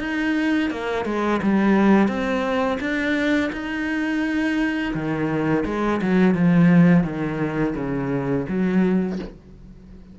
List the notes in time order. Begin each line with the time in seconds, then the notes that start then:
0.00 D#4
0.71 A#3
1.06 G#3
1.43 G3
2.08 C4
2.81 D4
3.53 D#4
4.94 D#3
5.66 G#3
6.02 F#3
6.35 F3
7.04 D#3
7.76 C#3
8.49 F#3